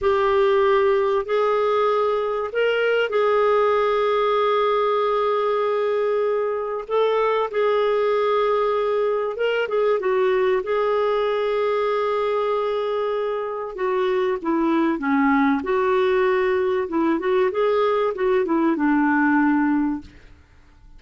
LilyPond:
\new Staff \with { instrumentName = "clarinet" } { \time 4/4 \tempo 4 = 96 g'2 gis'2 | ais'4 gis'2.~ | gis'2. a'4 | gis'2. ais'8 gis'8 |
fis'4 gis'2.~ | gis'2 fis'4 e'4 | cis'4 fis'2 e'8 fis'8 | gis'4 fis'8 e'8 d'2 | }